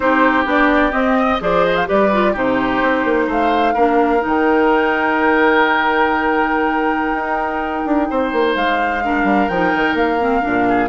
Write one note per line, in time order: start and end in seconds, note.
0.00 0.45 C4
0.00 0.45 D#4
0.00 1.18 G4
0.00 0.44 C5
0.45 0.92 B3
0.45 0.91 D4
0.45 0.92 D5
0.91 1.38 C4
0.91 1.40 C4
0.91 1.38 D#5
1.19 1.42 D#5
1.39 1.87 F3
1.39 1.86 G#4
1.39 1.88 C5
1.39 1.65 D5
1.65 1.75 D#5
1.75 1.87 F5
1.86 2.35 G3
1.86 2.09 G4
1.86 2.32 B4
1.86 2.35 D5
2.12 2.34 F4
2.32 2.82 C3
2.32 3.75 D#4
2.32 3.26 G4
2.32 3.30 C5
2.82 3.04 C4
3.04 3.27 A#3
3.27 3.74 A3
3.27 3.73 C5
3.27 4.24 F5
3.73 4.22 A#3
3.73 4.19 D4
3.73 8.07 A#4
4.19 7.12 D#3
4.19 8.99 D#4
4.19 8.55 G5
7.12 7.83 D#4
7.85 8.09 D4
8.10 8.32 C4
8.10 9.03 C5
8.32 8.55 A#3
8.55 9.23 G#3
8.55 9.48 F5
9.03 9.50 D4
9.03 10.68 A#4
9.23 9.47 G3
9.48 9.72 F3
9.48 10.19 D#4
9.48 9.95 G5
9.75 9.94 D#3
9.94 10.41 A#3
9.94 10.89 F5
10.19 10.41 C4
10.41 10.89 A#2
10.41 10.88 D4
10.69 10.89 G#4